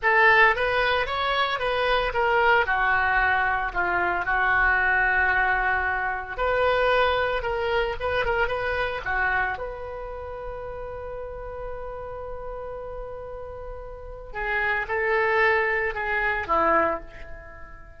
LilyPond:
\new Staff \with { instrumentName = "oboe" } { \time 4/4 \tempo 4 = 113 a'4 b'4 cis''4 b'4 | ais'4 fis'2 f'4 | fis'1 | b'2 ais'4 b'8 ais'8 |
b'4 fis'4 b'2~ | b'1~ | b'2. gis'4 | a'2 gis'4 e'4 | }